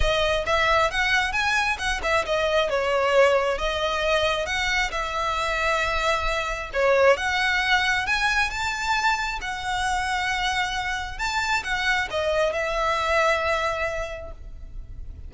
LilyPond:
\new Staff \with { instrumentName = "violin" } { \time 4/4 \tempo 4 = 134 dis''4 e''4 fis''4 gis''4 | fis''8 e''8 dis''4 cis''2 | dis''2 fis''4 e''4~ | e''2. cis''4 |
fis''2 gis''4 a''4~ | a''4 fis''2.~ | fis''4 a''4 fis''4 dis''4 | e''1 | }